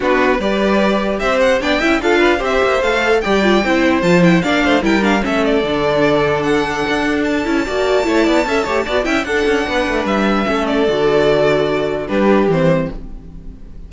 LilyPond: <<
  \new Staff \with { instrumentName = "violin" } { \time 4/4 \tempo 4 = 149 b'4 d''2 e''8 fis''8 | g''4 f''4 e''4 f''4 | g''2 a''8 g''8 f''4 | g''8 f''8 e''8 d''2~ d''8 |
fis''2 a''2~ | a''2~ a''8 g''8 fis''4~ | fis''4 e''4. d''4.~ | d''2 b'4 c''4 | }
  \new Staff \with { instrumentName = "violin" } { \time 4/4 fis'4 b'2 c''4 | d''8 e''8 a'8 b'8 c''2 | d''4 c''2 d''8 c''8 | ais'4 a'2.~ |
a'2. d''4 | cis''8 d''8 e''8 cis''8 d''8 e''8 a'4 | b'2 a'2~ | a'2 g'2 | }
  \new Staff \with { instrumentName = "viola" } { \time 4/4 d'4 g'2. | d'8 e'8 f'4 g'4 a'4 | g'8 f'8 e'4 f'8 e'8 d'4 | e'8 d'8 cis'4 d'2~ |
d'2~ d'8 e'8 fis'4 | e'4 a'8 g'8 fis'8 e'8 d'4~ | d'2 cis'4 fis'4~ | fis'2 d'4 c'4 | }
  \new Staff \with { instrumentName = "cello" } { \time 4/4 b4 g2 c'4 | b8 cis'8 d'4 c'8 ais8 a4 | g4 c'4 f4 ais8 a8 | g4 a4 d2~ |
d4 d'4. cis'8 ais4 | a8 b8 cis'8 a8 b8 cis'8 d'8 cis'8 | b8 a8 g4 a4 d4~ | d2 g4 e4 | }
>>